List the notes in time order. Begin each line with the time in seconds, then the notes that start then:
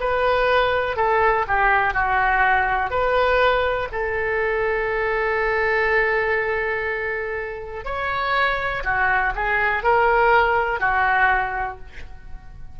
0.00 B4
0.96 A4
1.48 G4
1.93 F#4
2.90 B4
3.92 A4
7.85 C#5
8.84 F#4
9.35 G#4
9.83 A#4
10.80 F#4